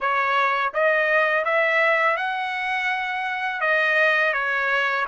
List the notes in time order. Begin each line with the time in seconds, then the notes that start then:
0.00 C#5
0.73 D#5
1.45 E5
2.17 F#5
3.60 D#5
4.33 C#5